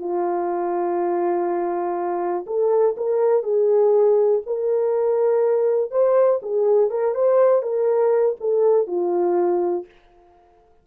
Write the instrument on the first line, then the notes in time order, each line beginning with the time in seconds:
horn
0.00 F4
2.47 A4
2.98 A#4
3.44 G#4
4.47 A#4
5.92 C5
6.43 G#4
6.91 A#4
7.15 C5
7.63 A#4
8.41 A4
8.87 F4